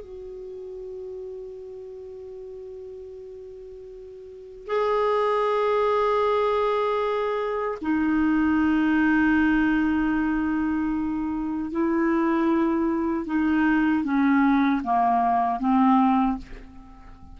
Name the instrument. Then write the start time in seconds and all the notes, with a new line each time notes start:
clarinet
0.00 F#4
4.66 G#4
7.82 D#4
11.71 E4
13.26 D#4
14.04 C#4
14.83 A#3
15.60 C4